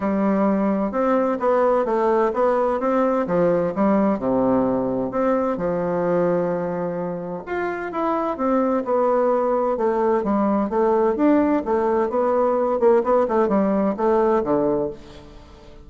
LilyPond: \new Staff \with { instrumentName = "bassoon" } { \time 4/4 \tempo 4 = 129 g2 c'4 b4 | a4 b4 c'4 f4 | g4 c2 c'4 | f1 |
f'4 e'4 c'4 b4~ | b4 a4 g4 a4 | d'4 a4 b4. ais8 | b8 a8 g4 a4 d4 | }